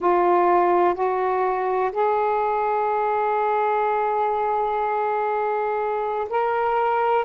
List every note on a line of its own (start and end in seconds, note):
0.00 0.94 F4
0.94 1.91 F#4
1.92 6.27 G#4
6.29 7.24 A#4